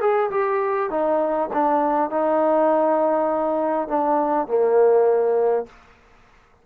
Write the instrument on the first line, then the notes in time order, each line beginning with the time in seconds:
trombone
0.00 G#4
0.30 G4
0.90 D#4
1.53 D4
2.10 D#4
3.88 D4
4.47 A#3